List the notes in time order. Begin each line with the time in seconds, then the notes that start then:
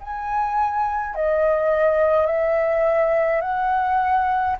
0.00 G#5
1.15 D#5
2.26 E5
3.41 F#5